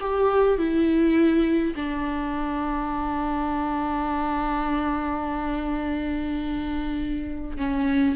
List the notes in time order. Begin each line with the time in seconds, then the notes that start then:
0.00 G4
0.58 E4
1.75 D4
7.57 C#4